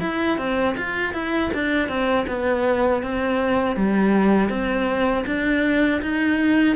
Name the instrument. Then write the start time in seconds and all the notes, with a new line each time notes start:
cello
0.00 E4
0.38 C4
0.77 F4
1.13 E4
1.53 D4
1.88 C4
2.27 B3
3.02 C4
3.76 G3
4.49 C4
5.26 D4
6.01 D#4